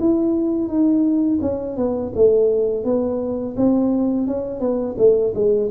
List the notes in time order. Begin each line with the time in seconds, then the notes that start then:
0.00 E4
0.68 D#4
1.42 C#4
1.77 B3
2.15 A3
2.84 B3
3.57 C4
4.27 C#4
4.60 B3
4.98 A3
5.35 G#3